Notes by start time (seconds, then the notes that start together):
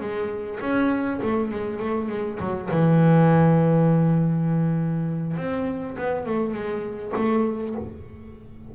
0.00 G#3
0.61 C#4
1.22 A3
1.51 G#3
1.79 A3
2.09 G#3
2.40 F#3
2.71 E3
5.37 C4
5.98 B3
6.26 A3
6.54 G#3
7.16 A3